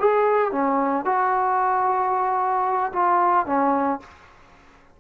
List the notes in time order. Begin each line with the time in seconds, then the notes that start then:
0.00 G#4
0.52 C#4
1.05 F#4
2.93 F4
3.47 C#4